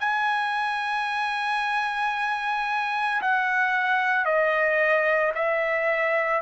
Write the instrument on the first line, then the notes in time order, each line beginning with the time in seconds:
trumpet
0.00 G#5
3.22 F#5
4.26 D#5
5.35 E5